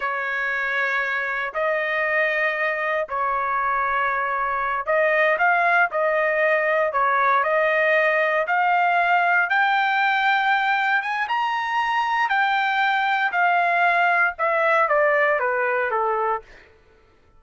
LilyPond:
\new Staff \with { instrumentName = "trumpet" } { \time 4/4 \tempo 4 = 117 cis''2. dis''4~ | dis''2 cis''2~ | cis''4. dis''4 f''4 dis''8~ | dis''4. cis''4 dis''4.~ |
dis''8 f''2 g''4.~ | g''4. gis''8 ais''2 | g''2 f''2 | e''4 d''4 b'4 a'4 | }